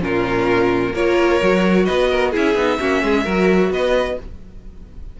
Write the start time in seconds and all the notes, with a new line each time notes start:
0.00 A#2 C#4 F4 A#4
0.93 A#3 F4 A#4 C#5
1.41 F#3 F#4
1.85 B3 B4 D#5
2.10 A#4
2.32 C#4 E4 G#4 E5
2.55 B3 D#4
2.79 A#3 C#4 F#4
3.02 G#3 G#4
3.24 F#3 F#4 A#4
3.70 B3 B4 D#5